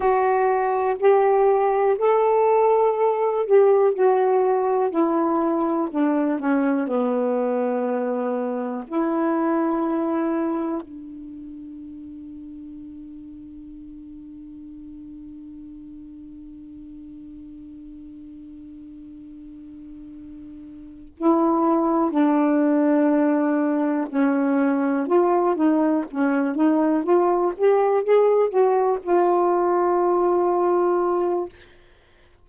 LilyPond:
\new Staff \with { instrumentName = "saxophone" } { \time 4/4 \tempo 4 = 61 fis'4 g'4 a'4. g'8 | fis'4 e'4 d'8 cis'8 b4~ | b4 e'2 d'4~ | d'1~ |
d'1~ | d'4. e'4 d'4.~ | d'8 cis'4 f'8 dis'8 cis'8 dis'8 f'8 | g'8 gis'8 fis'8 f'2~ f'8 | }